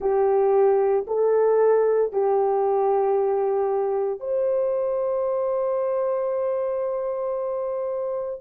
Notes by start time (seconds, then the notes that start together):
0.00 G4
1.07 A4
2.12 G4
4.20 C5